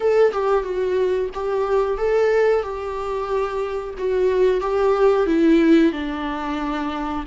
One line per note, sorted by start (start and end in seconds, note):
0.00 0.32 A4
0.32 0.63 G4
0.63 1.29 F#4
1.34 1.98 G4
1.98 2.62 A4
2.62 3.94 G4
3.97 4.61 F#4
4.61 5.26 G4
5.26 5.92 E4
5.92 7.24 D4